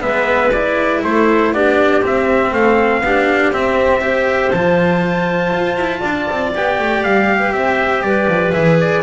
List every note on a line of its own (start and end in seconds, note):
0.00 1.03 G#3
0.00 0.50 B3
0.00 1.04 B4
0.00 0.52 E5
0.52 1.54 E4
0.52 1.02 D5
1.03 1.52 A3
1.03 1.54 A4
1.03 1.53 C5
1.52 2.02 B3
1.52 2.01 D4
1.52 2.52 G4
1.52 2.03 D5
2.01 3.01 C4
2.01 2.52 C4
2.01 2.53 E5
2.52 3.01 A3
2.52 3.02 A4
2.52 3.53 F5
3.01 3.51 B3
3.01 3.53 D4
3.01 4.02 G4
3.51 4.51 C4
3.51 4.01 C4
3.51 4.51 E5
4.01 4.51 G4
4.01 5.99 C5
4.51 5.52 F3
4.51 6.55 F4
4.51 6.51 A5
5.52 5.76 F4
5.76 6.01 E4
5.99 6.28 D4
5.99 7.37 D5
6.30 6.55 C4
6.55 6.79 B3
6.55 8.53 G4
6.55 7.03 G5
6.79 7.03 A3
7.03 7.51 G3
7.03 7.52 F5
7.39 7.52 B4
7.51 8.01 C4
7.51 8.06 C5
7.51 8.01 E5
8.01 8.26 G3
8.01 9.03 B4
8.01 8.51 D5
8.28 8.53 F3
8.53 9.03 E3
8.53 9.03 G#4
8.53 8.78 E5
8.80 9.03 D5